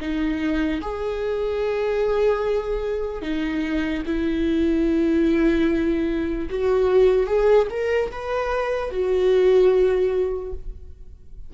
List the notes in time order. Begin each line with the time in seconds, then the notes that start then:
0.00 D#4
0.81 G#4
3.22 D#4
4.06 E4
6.50 F#4
7.27 G#4
7.70 A#4
8.11 B4
8.91 F#4